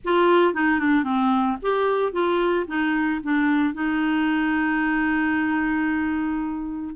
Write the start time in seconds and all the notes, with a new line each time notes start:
0.04 F4
0.54 D#4
0.79 D4
1.03 C4
1.62 G4
2.12 F4
2.67 D#4
3.23 D4
3.74 D#4